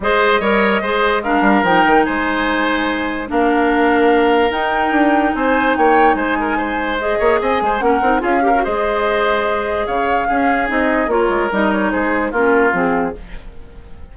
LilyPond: <<
  \new Staff \with { instrumentName = "flute" } { \time 4/4 \tempo 4 = 146 dis''2. f''4 | g''4 gis''2. | f''2. g''4~ | g''4 gis''4 g''4 gis''4~ |
gis''4 dis''4 gis''4 fis''4 | f''4 dis''2. | f''2 dis''4 cis''4 | dis''8 cis''8 c''4 ais'4 gis'4 | }
  \new Staff \with { instrumentName = "oboe" } { \time 4/4 c''4 cis''4 c''4 ais'4~ | ais'4 c''2. | ais'1~ | ais'4 c''4 cis''4 c''8 ais'8 |
c''4. cis''8 dis''8 c''8 ais'4 | gis'8 ais'8 c''2. | cis''4 gis'2 ais'4~ | ais'4 gis'4 f'2 | }
  \new Staff \with { instrumentName = "clarinet" } { \time 4/4 gis'4 ais'4 gis'4 d'4 | dis'1 | d'2. dis'4~ | dis'1~ |
dis'4 gis'2 cis'8 dis'8 | f'8 g'16 fis'16 gis'2.~ | gis'4 cis'4 dis'4 f'4 | dis'2 cis'4 c'4 | }
  \new Staff \with { instrumentName = "bassoon" } { \time 4/4 gis4 g4 gis4. g8 | f8 dis8 gis2. | ais2. dis'4 | d'4 c'4 ais4 gis4~ |
gis4. ais8 c'8 gis8 ais8 c'8 | cis'4 gis2. | cis4 cis'4 c'4 ais8 gis8 | g4 gis4 ais4 f4 | }
>>